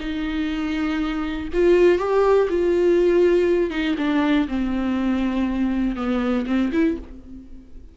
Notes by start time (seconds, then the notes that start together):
0.00 D#4
1.53 F4
1.99 G4
2.50 F4
3.71 D#4
3.98 D4
4.48 C4
5.96 B3
6.46 C4
6.73 E4